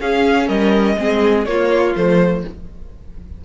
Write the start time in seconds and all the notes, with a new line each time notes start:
0.00 C#4 G#4 F5
0.47 G3 A#4 D#5
0.97 G#3 C4 G#4
1.45 A#3 F4 C#5
1.95 F3 A3 C5